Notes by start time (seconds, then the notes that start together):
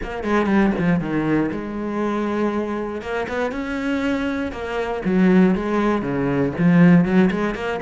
0.03 A#3
0.23 G#3
0.45 G3
0.79 F3
0.99 D#3
1.51 G#3
3.01 A#3
3.28 B3
3.51 C#4
4.52 A#3
5.04 F#3
5.55 G#3
6.01 C#3
6.58 F3
7.04 F#3
7.30 G#3
7.54 A#3